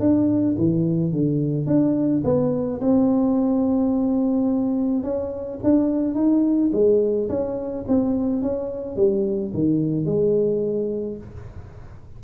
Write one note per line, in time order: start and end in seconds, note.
0.00 0.56 D4
0.58 1.12 E3
1.12 1.67 D3
1.67 2.23 D4
2.25 2.81 B3
2.81 5.04 C4
5.04 5.60 C#4
5.64 6.15 D4
6.15 6.71 D#4
6.73 7.29 G#3
7.29 7.85 C#4
7.88 8.42 C4
8.42 8.96 C#4
8.96 9.53 G3
9.54 10.06 D#3
10.06 11.18 G#3